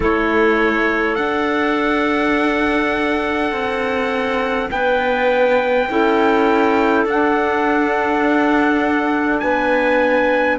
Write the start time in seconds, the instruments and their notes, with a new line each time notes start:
0.00 cello A3, saxophone E4, clarinet A4, trumpet C#5
1.15 saxophone D4, cello D4, trumpet F#5
3.51 cello C4
4.71 cello B3, clarinet B4, trumpet G5
5.87 cello C#4, saxophone E4, clarinet A4
7.05 cello D4, saxophone D4, trumpet F#5
9.39 cello B3, clarinet B4, trumpet G#5